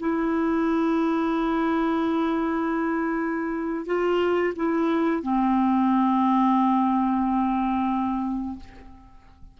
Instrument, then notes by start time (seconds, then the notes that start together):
clarinet
0.00 E4
3.86 F4
4.56 E4
5.22 C4